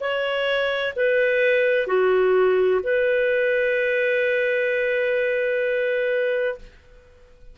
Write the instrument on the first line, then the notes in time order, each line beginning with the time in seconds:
clarinet
0.00 C#5
0.95 B4
1.87 F#4
2.83 B4